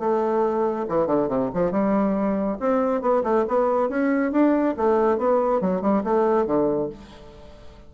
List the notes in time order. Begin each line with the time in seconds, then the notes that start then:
0.00 A3
0.89 E3
1.07 D3
1.29 C3
1.54 F3
1.72 G3
2.61 C4
3.02 B3
3.24 A3
3.48 B3
3.89 C#4
4.32 D4
4.77 A3
5.19 B3
5.62 F#3
5.82 G3
6.04 A3
6.47 D3